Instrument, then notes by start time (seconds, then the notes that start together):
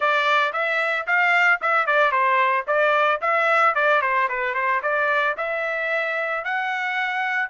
trumpet
0.00 D5
0.52 E5
1.06 F5
1.61 E5
1.86 D5
2.11 C5
2.67 D5
3.21 E5
3.74 D5
4.01 C5
4.29 B4
4.54 C5
4.82 D5
5.37 E5
6.44 F#5